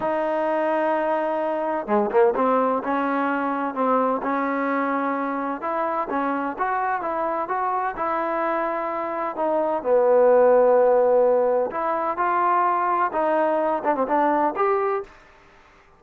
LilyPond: \new Staff \with { instrumentName = "trombone" } { \time 4/4 \tempo 4 = 128 dis'1 | gis8 ais8 c'4 cis'2 | c'4 cis'2. | e'4 cis'4 fis'4 e'4 |
fis'4 e'2. | dis'4 b2.~ | b4 e'4 f'2 | dis'4. d'16 c'16 d'4 g'4 | }